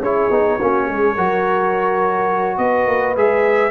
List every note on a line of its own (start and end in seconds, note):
0.00 0.29 C#4
0.00 0.31 E4
0.00 0.57 G#4
0.00 2.58 C#5
0.31 0.59 B3
0.31 0.60 D#4
0.57 0.89 A#3
0.57 1.17 C#4
0.57 0.86 F#4
0.86 1.17 G#3
0.86 1.14 G#4
1.14 2.58 F#3
1.14 3.17 F#4
1.14 2.57 A#4
2.58 2.87 B3
2.58 3.71 B4
2.58 3.15 D#5
2.87 3.16 A#3
3.16 3.71 G#3
3.16 3.71 G#4
3.16 3.71 E5